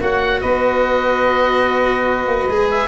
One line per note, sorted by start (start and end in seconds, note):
0.00 0.41 A#3
0.00 2.49 F#4
0.00 0.41 C#5
0.00 0.41 F#5
0.41 2.27 B3
0.41 2.88 B4
0.41 2.68 D#5
2.27 2.47 A#3
2.48 2.88 G#3
2.48 2.88 G#4
2.70 2.88 E5